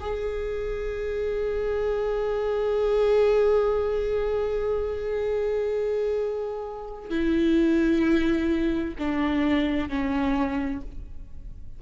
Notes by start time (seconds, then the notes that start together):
0.00 G#4
7.10 E4
8.98 D4
9.89 C#4